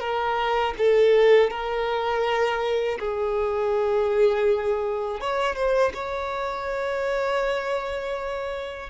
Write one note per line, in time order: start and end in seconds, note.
0.00 0.74 A#4
0.78 1.51 A4
1.51 2.99 A#4
3.00 5.21 G#4
5.21 5.56 C#5
5.56 5.93 C5
5.94 8.90 C#5